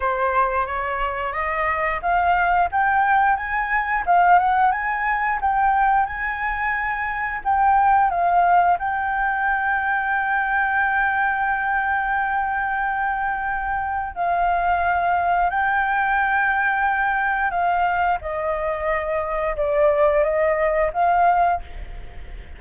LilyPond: \new Staff \with { instrumentName = "flute" } { \time 4/4 \tempo 4 = 89 c''4 cis''4 dis''4 f''4 | g''4 gis''4 f''8 fis''8 gis''4 | g''4 gis''2 g''4 | f''4 g''2.~ |
g''1~ | g''4 f''2 g''4~ | g''2 f''4 dis''4~ | dis''4 d''4 dis''4 f''4 | }